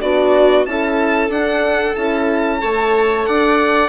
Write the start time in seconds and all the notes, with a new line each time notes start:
0.00 B3 D4 F#4 D5
0.65 C#4 E4 A4 A5
1.28 D4 F#5
1.95 C#4 E4 A5
2.60 A3 A4 C#5
3.25 D4 D5 F#5